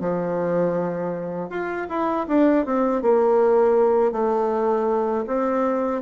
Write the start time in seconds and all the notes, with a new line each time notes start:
0.00 F3
1.50 F4
1.89 E4
2.28 D4
2.66 C4
3.02 A#3
4.12 A3
5.27 C4